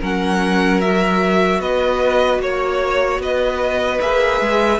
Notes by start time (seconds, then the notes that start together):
0.00 F#3 C#4 A#4 F#5
0.81 F#4 E5
1.60 B3 B4 D#5
2.39 A#3 C#5
3.19 B3 B4 D#5
4.01 A#3 G#4 E5
4.41 G#3